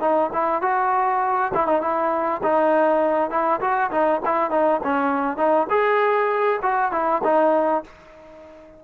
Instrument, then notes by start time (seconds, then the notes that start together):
trombone
0.00 D#4
0.33 E4
0.62 F#4
1.54 E4
1.67 D#4
1.81 E4
2.43 D#4
3.30 E4
3.61 F#4
3.91 D#4
4.25 E4
4.51 D#4
4.83 C#4
5.37 D#4
5.70 G#4
6.62 F#4
6.92 E4
7.24 D#4